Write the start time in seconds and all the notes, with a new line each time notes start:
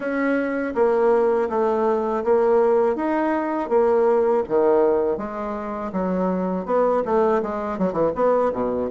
0.00 C#4
0.74 A#3
1.49 A3
2.24 A#3
2.95 D#4
3.69 A#3
4.48 D#3
5.17 G#3
5.92 F#3
6.65 B3
7.05 A3
7.42 G#3
7.78 F#3
7.92 E3
8.15 B3
8.52 B2